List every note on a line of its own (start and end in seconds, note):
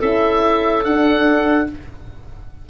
0.00 0.85 C#4
0.00 0.84 E4
0.00 1.67 A4
0.00 0.85 E5
0.85 1.69 D4
0.85 1.70 D4
0.85 1.68 F#5